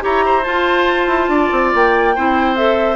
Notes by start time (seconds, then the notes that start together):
0.00 E4 G4 C#5 A#5
0.25 C5
0.43 F4 A5
1.07 E4
1.28 D4 D5
1.52 C4
1.74 A#3 G5
2.15 C4 E4 C5
2.56 A4 E5